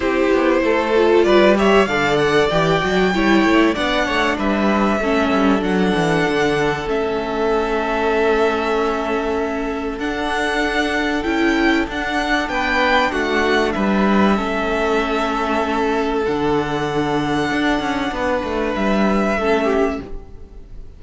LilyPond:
<<
  \new Staff \with { instrumentName = "violin" } { \time 4/4 \tempo 4 = 96 c''2 d''8 e''8 f''8 fis''8 | g''2 fis''4 e''4~ | e''4 fis''2 e''4~ | e''1 |
fis''2 g''4 fis''4 | g''4 fis''4 e''2~ | e''2 fis''2~ | fis''2 e''2 | }
  \new Staff \with { instrumentName = "violin" } { \time 4/4 g'4 a'4 b'8 cis''8 d''4~ | d''4 cis''4 d''8 cis''8 b'4 | a'1~ | a'1~ |
a'1 | b'4 fis'4 b'4 a'4~ | a'1~ | a'4 b'2 a'8 g'8 | }
  \new Staff \with { instrumentName = "viola" } { \time 4/4 e'4. f'4 g'8 a'4 | g'8 fis'8 e'4 d'2 | cis'4 d'2 cis'4~ | cis'1 |
d'2 e'4 d'4~ | d'2. cis'4~ | cis'2 d'2~ | d'2. cis'4 | }
  \new Staff \with { instrumentName = "cello" } { \time 4/4 c'8 b8 a4 g4 d4 | e8 fis8 g8 a8 b8 a8 g4 | a8 g8 fis8 e8 d4 a4~ | a1 |
d'2 cis'4 d'4 | b4 a4 g4 a4~ | a2 d2 | d'8 cis'8 b8 a8 g4 a4 | }
>>